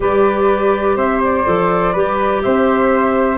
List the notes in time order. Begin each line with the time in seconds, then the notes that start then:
0.00 G3 G4 B4 D5
0.96 C4 C5 E5
1.24 D5
1.45 F3 A4
1.92 G3 G4 B4
2.41 C4 C5 E5